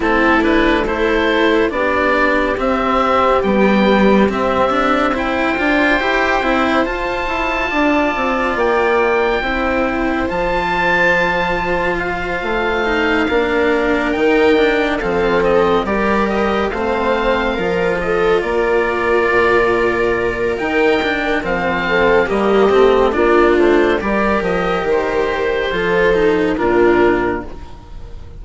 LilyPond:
<<
  \new Staff \with { instrumentName = "oboe" } { \time 4/4 \tempo 4 = 70 a'8 b'8 c''4 d''4 e''4 | g''4 e''4 g''2 | a''2 g''2 | a''2 f''2~ |
f''8 g''4 f''8 dis''8 d''8 dis''8 f''8~ | f''4 dis''8 d''2~ d''8 | g''4 f''4 dis''4 d''8 c''8 | d''8 dis''8 c''2 ais'4 | }
  \new Staff \with { instrumentName = "viola" } { \time 4/4 e'4 a'4 g'2~ | g'2 c''2~ | c''4 d''2 c''4~ | c''2.~ c''8 ais'8~ |
ais'4. a'4 ais'4 c''8~ | c''8 ais'8 a'8 ais'2~ ais'8~ | ais'4. a'8 g'4 f'4 | ais'2 a'4 f'4 | }
  \new Staff \with { instrumentName = "cello" } { \time 4/4 c'8 d'8 e'4 d'4 c'4 | g4 c'8 d'8 e'8 f'8 g'8 e'8 | f'2. e'4 | f'2. dis'8 d'8~ |
d'8 dis'8 d'8 c'4 g'4 c'8~ | c'8 f'2.~ f'8 | dis'8 d'8 c'4 ais8 c'8 d'4 | g'2 f'8 dis'8 d'4 | }
  \new Staff \with { instrumentName = "bassoon" } { \time 4/4 a2 b4 c'4 | b4 c'4. d'8 e'8 c'8 | f'8 e'8 d'8 c'8 ais4 c'4 | f2~ f8 a4 ais8~ |
ais8 dis4 f4 g4 a8~ | a8 f4 ais4 ais,4. | dis4 f4 g8 a8 ais8 a8 | g8 f8 dis4 f4 ais,4 | }
>>